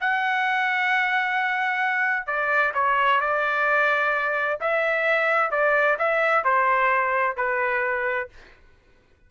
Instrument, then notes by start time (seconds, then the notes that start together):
trumpet
0.00 F#5
2.26 D5
2.74 C#5
3.21 D5
4.60 E5
5.51 D5
5.99 E5
6.44 C5
7.37 B4